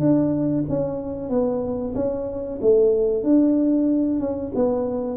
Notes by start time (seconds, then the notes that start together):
0.00 D4
0.69 C#4
1.30 B3
1.96 C#4
2.62 A3
3.24 D4
4.20 C#4
4.55 B3